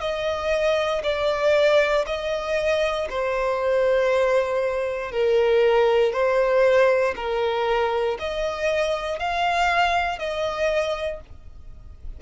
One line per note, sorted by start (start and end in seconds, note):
0.00 1.02 D#5
1.03 2.05 D5
2.06 3.08 D#5
3.09 5.11 C5
5.11 6.12 A#4
6.12 7.14 C5
7.16 8.17 A#4
8.19 9.19 D#5
9.19 10.18 F5
10.18 11.20 D#5